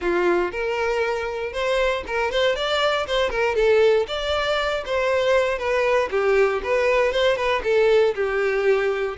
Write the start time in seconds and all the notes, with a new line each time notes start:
0.01 F4
0.51 A#4
1.52 C5
2.06 A#4
2.31 C5
2.55 D5
3.06 C5
3.30 A#4
3.55 A4
4.07 D5
4.85 C5
5.58 B4
6.11 G4
6.63 B4
7.12 C5
7.36 B4
7.63 A4
8.15 G4